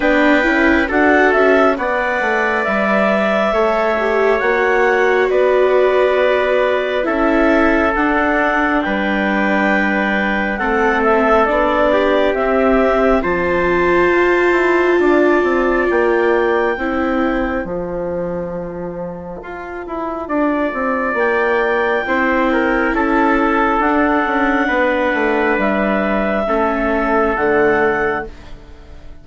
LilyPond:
<<
  \new Staff \with { instrumentName = "clarinet" } { \time 4/4 \tempo 4 = 68 g''4 fis''8 e''8 fis''4 e''4~ | e''4 fis''4 d''2 | e''4 fis''4 g''2 | fis''8 e''8 d''4 e''4 a''4~ |
a''2 g''2 | a''1 | g''2 a''4 fis''4~ | fis''4 e''2 fis''4 | }
  \new Staff \with { instrumentName = "trumpet" } { \time 4/4 b'4 a'4 d''2 | cis''2 b'2 | a'2 b'2 | a'4. g'4. c''4~ |
c''4 d''2 c''4~ | c''2. d''4~ | d''4 c''8 ais'8 a'2 | b'2 a'2 | }
  \new Staff \with { instrumentName = "viola" } { \time 4/4 d'8 e'8 fis'4 b'2 | a'8 g'8 fis'2. | e'4 d'2. | c'4 d'4 c'4 f'4~ |
f'2. e'4 | f'1~ | f'4 e'2 d'4~ | d'2 cis'4 a4 | }
  \new Staff \with { instrumentName = "bassoon" } { \time 4/4 b8 cis'8 d'8 cis'8 b8 a8 g4 | a4 ais4 b2 | cis'4 d'4 g2 | a4 b4 c'4 f4 |
f'8 e'8 d'8 c'8 ais4 c'4 | f2 f'8 e'8 d'8 c'8 | ais4 c'4 cis'4 d'8 cis'8 | b8 a8 g4 a4 d4 | }
>>